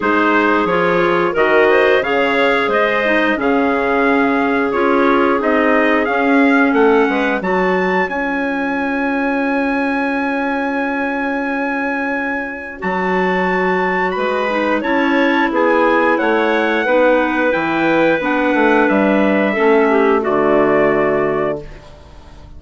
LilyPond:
<<
  \new Staff \with { instrumentName = "trumpet" } { \time 4/4 \tempo 4 = 89 c''4 cis''4 dis''4 f''4 | dis''4 f''2 cis''4 | dis''4 f''4 fis''4 a''4 | gis''1~ |
gis''2. a''4~ | a''4 b''4 a''4 gis''4 | fis''2 g''4 fis''4 | e''2 d''2 | }
  \new Staff \with { instrumentName = "clarinet" } { \time 4/4 gis'2 ais'8 c''8 cis''4 | c''4 gis'2.~ | gis'2 a'8 b'8 cis''4~ | cis''1~ |
cis''1~ | cis''4 b'4 cis''4 gis'4 | cis''4 b'2.~ | b'4 a'8 g'8 fis'2 | }
  \new Staff \with { instrumentName = "clarinet" } { \time 4/4 dis'4 f'4 fis'4 gis'4~ | gis'8 dis'8 cis'2 f'4 | dis'4 cis'2 fis'4 | f'1~ |
f'2. fis'4~ | fis'4. dis'8 e'2~ | e'4 dis'4 e'4 d'4~ | d'4 cis'4 a2 | }
  \new Staff \with { instrumentName = "bassoon" } { \time 4/4 gis4 f4 dis4 cis4 | gis4 cis2 cis'4 | c'4 cis'4 a8 gis8 fis4 | cis'1~ |
cis'2. fis4~ | fis4 gis4 cis'4 b4 | a4 b4 e4 b8 a8 | g4 a4 d2 | }
>>